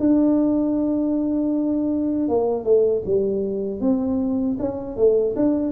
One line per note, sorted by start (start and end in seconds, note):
0.00 2.29 D4
2.29 2.64 A#3
2.64 3.03 A3
3.06 3.81 G3
3.81 4.58 C4
4.59 4.97 C#4
4.97 5.35 A3
5.36 5.72 D4